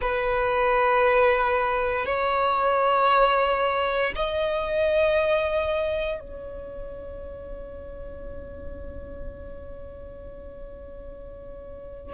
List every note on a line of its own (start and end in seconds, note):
0.01 2.05 B4
2.05 4.12 C#5
4.15 6.20 D#5
6.20 12.14 C#5